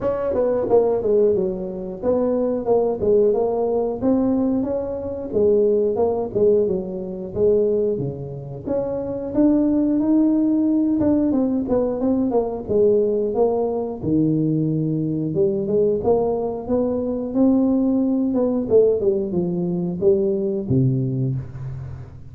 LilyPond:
\new Staff \with { instrumentName = "tuba" } { \time 4/4 \tempo 4 = 90 cis'8 b8 ais8 gis8 fis4 b4 | ais8 gis8 ais4 c'4 cis'4 | gis4 ais8 gis8 fis4 gis4 | cis4 cis'4 d'4 dis'4~ |
dis'8 d'8 c'8 b8 c'8 ais8 gis4 | ais4 dis2 g8 gis8 | ais4 b4 c'4. b8 | a8 g8 f4 g4 c4 | }